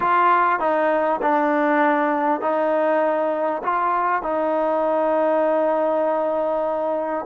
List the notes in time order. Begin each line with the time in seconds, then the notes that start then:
0.00 F4
0.59 D#4
1.22 D4
2.40 D#4
3.63 F4
4.22 D#4